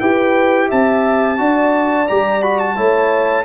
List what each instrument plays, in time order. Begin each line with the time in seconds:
0.00 tuba E4, trombone G4, horn B4, trumpet G5
0.68 tuba C4, horn E5, trumpet A5
1.37 tuba D4, trombone F#4, horn D5
2.08 tuba G3, trombone G4, trumpet A#5
2.42 trombone F#4, trumpet B5
2.59 trumpet A5
2.76 tuba A3, trombone E4, horn C#5